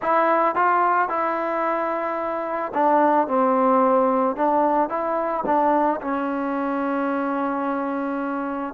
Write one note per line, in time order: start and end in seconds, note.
0.02 0.55 E4
0.55 1.08 F4
1.08 2.72 E4
2.73 3.27 D4
3.27 4.36 C4
4.36 4.89 D4
4.89 5.43 E4
5.45 6.00 D4
6.01 8.73 C#4